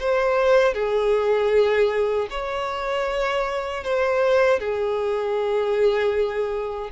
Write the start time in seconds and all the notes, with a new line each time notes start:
0.00 C5
0.74 G#4
2.31 C#5
3.84 C5
4.60 G#4